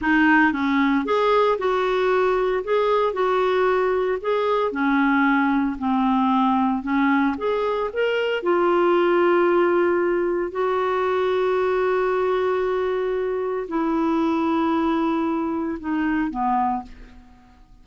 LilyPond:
\new Staff \with { instrumentName = "clarinet" } { \time 4/4 \tempo 4 = 114 dis'4 cis'4 gis'4 fis'4~ | fis'4 gis'4 fis'2 | gis'4 cis'2 c'4~ | c'4 cis'4 gis'4 ais'4 |
f'1 | fis'1~ | fis'2 e'2~ | e'2 dis'4 b4 | }